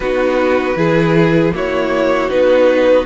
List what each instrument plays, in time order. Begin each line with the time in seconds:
0.00 cello B3, viola D#4, violin F#4 B4
0.76 cello E3, viola E4, violin G#4
1.52 viola A#3, cello E4, violin F#4 C#5
2.29 cello B3, viola D#4, violin B4